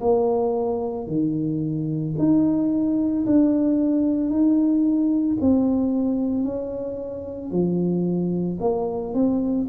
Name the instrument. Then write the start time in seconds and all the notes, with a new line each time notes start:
tuba
0.00 A#3
1.07 D#3
2.18 D#4
3.25 D4
4.30 D#4
5.41 C4
6.43 C#4
7.50 F3
8.60 A#3
9.14 C4